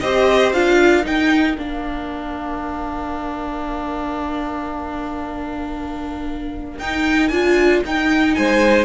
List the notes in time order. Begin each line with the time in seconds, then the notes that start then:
0.00 C4 G4 C5 D#5
0.53 D4 F4 F5
0.79 A#4
1.03 D#4 G5
1.58 A#3 D4 F5
6.78 D#4 G5
7.28 D4 F4 G#5
7.84 D#4 G5
8.35 G#3 C5 G#5